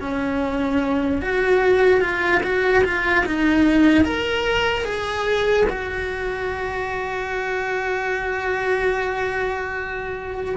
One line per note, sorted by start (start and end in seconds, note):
0.00 1.21 C#4
1.21 2.00 F#4
2.00 2.41 F4
2.43 2.83 F#4
2.84 3.24 F4
3.25 4.04 D#4
4.04 4.84 A#4
4.84 5.65 G#4
5.69 10.56 F#4